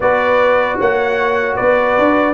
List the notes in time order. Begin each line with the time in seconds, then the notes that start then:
0.00 B3 F#4 B4 D5
0.78 A#3 C#5 F#5
1.56 B3 B4 D5
1.99 D4